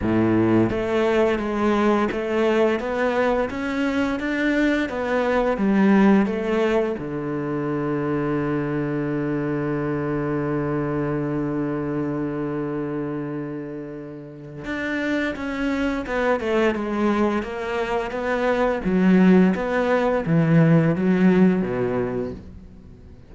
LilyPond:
\new Staff \with { instrumentName = "cello" } { \time 4/4 \tempo 4 = 86 a,4 a4 gis4 a4 | b4 cis'4 d'4 b4 | g4 a4 d2~ | d1~ |
d1~ | d4 d'4 cis'4 b8 a8 | gis4 ais4 b4 fis4 | b4 e4 fis4 b,4 | }